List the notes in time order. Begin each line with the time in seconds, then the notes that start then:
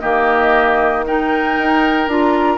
0.00 D#3 A#3 G4 D#5
1.06 D#4 A#4 G5
1.58 D#4
2.08 D4 F4 A#5